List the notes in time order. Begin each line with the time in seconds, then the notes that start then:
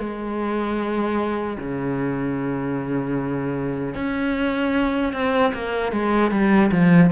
0.00 G#3
1.59 C#3
3.95 C#4
5.14 C4
5.54 A#3
5.93 G#3
6.32 G3
6.72 F3